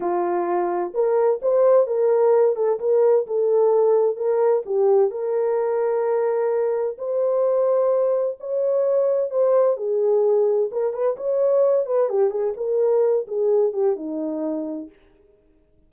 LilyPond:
\new Staff \with { instrumentName = "horn" } { \time 4/4 \tempo 4 = 129 f'2 ais'4 c''4 | ais'4. a'8 ais'4 a'4~ | a'4 ais'4 g'4 ais'4~ | ais'2. c''4~ |
c''2 cis''2 | c''4 gis'2 ais'8 b'8 | cis''4. b'8 g'8 gis'8 ais'4~ | ais'8 gis'4 g'8 dis'2 | }